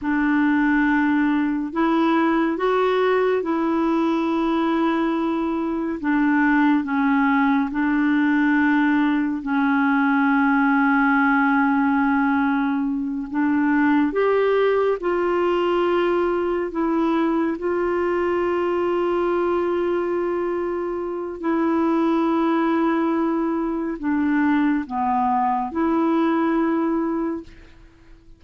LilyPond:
\new Staff \with { instrumentName = "clarinet" } { \time 4/4 \tempo 4 = 70 d'2 e'4 fis'4 | e'2. d'4 | cis'4 d'2 cis'4~ | cis'2.~ cis'8 d'8~ |
d'8 g'4 f'2 e'8~ | e'8 f'2.~ f'8~ | f'4 e'2. | d'4 b4 e'2 | }